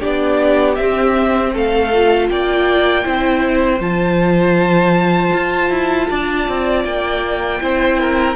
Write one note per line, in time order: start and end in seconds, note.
0.00 0.79 B3
0.00 0.76 D4
0.00 1.52 G4
0.00 0.76 D5
0.76 1.91 C4
0.76 1.55 C4
0.76 1.52 E5
1.53 2.29 A3
1.53 2.29 A4
1.53 2.29 F5
1.94 3.04 F4
2.29 3.05 A#3
2.29 3.04 D5
2.29 3.81 G5
3.04 3.80 C4
3.04 3.80 E4
3.04 6.08 C5
3.80 5.32 F3
3.80 7.60 F4
3.80 6.84 A5
5.33 5.69 F4
5.69 6.07 E4
6.10 6.48 D4
6.10 7.62 D5
6.49 6.84 C4
6.84 7.60 A#3
6.84 8.35 G5
7.61 8.35 C4
7.61 8.35 E4
7.61 8.00 C5
8.00 8.35 A#4